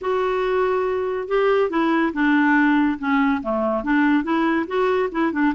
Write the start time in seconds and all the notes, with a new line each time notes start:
0.01 F#4
1.27 G4
1.69 E4
2.13 D4
2.99 C#4
3.42 A3
3.83 D4
4.23 E4
4.67 F#4
5.11 E4
5.32 D4